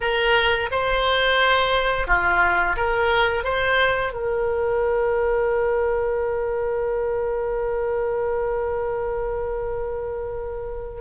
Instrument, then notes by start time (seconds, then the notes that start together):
oboe
0.00 A#4
0.71 C5
2.07 F4
2.76 A#4
3.44 C5
4.12 A#4